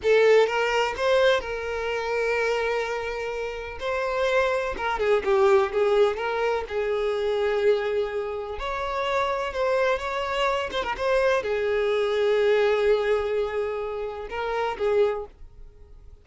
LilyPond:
\new Staff \with { instrumentName = "violin" } { \time 4/4 \tempo 4 = 126 a'4 ais'4 c''4 ais'4~ | ais'1 | c''2 ais'8 gis'8 g'4 | gis'4 ais'4 gis'2~ |
gis'2 cis''2 | c''4 cis''4. c''16 ais'16 c''4 | gis'1~ | gis'2 ais'4 gis'4 | }